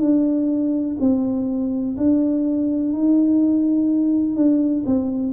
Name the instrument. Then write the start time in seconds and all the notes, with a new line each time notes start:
tuba
0.00 D4
1.00 C4
1.97 D4
2.93 D#4
4.35 D4
4.86 C4